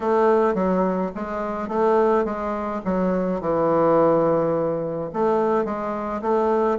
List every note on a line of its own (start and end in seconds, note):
0.00 0.54 A3
0.54 1.11 F#3
1.15 1.68 G#3
1.68 2.24 A3
2.24 2.81 G#3
2.85 3.41 F#3
3.41 5.10 E3
5.13 5.64 A3
5.64 6.21 G#3
6.21 6.78 A3